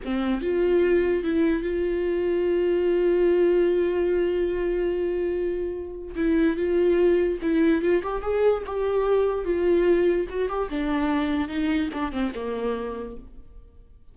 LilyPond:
\new Staff \with { instrumentName = "viola" } { \time 4/4 \tempo 4 = 146 c'4 f'2 e'4 | f'1~ | f'1~ | f'2. e'4 |
f'2 e'4 f'8 g'8 | gis'4 g'2 f'4~ | f'4 fis'8 g'8 d'2 | dis'4 d'8 c'8 ais2 | }